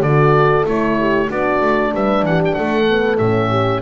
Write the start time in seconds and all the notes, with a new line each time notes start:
0.00 D3 F#4 A4 D5
0.64 A3 E4 C#5
0.99 G4
1.28 B3 D4 F#4 D5
1.61 A3
1.93 G3 B4 E5
2.22 E3 G4 F#5
2.45 G5
2.53 A3 A4 F#5
2.88 B3
3.18 A2 C#4 E5
3.50 G4